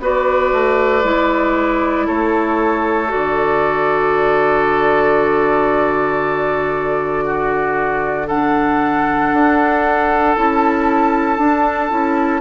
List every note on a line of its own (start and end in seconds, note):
0.00 0.52 B3
0.00 1.03 F#4
0.00 2.06 B4
0.00 2.07 D5
0.52 1.04 A3
1.03 2.07 G#3
1.03 3.07 E4
2.06 3.13 A3
2.06 7.24 A4
2.06 3.11 C#5
3.07 8.24 F#4
3.07 8.28 D5
3.14 9.33 D3
7.25 8.27 F#4
8.27 10.36 D4
8.27 12.41 A4
8.27 10.35 F#5
9.33 10.36 D4
10.36 11.38 C#4
10.36 11.38 E4
10.36 12.41 A5
11.38 11.89 D4
11.38 11.90 D4
11.90 12.41 C#4
11.90 12.41 E4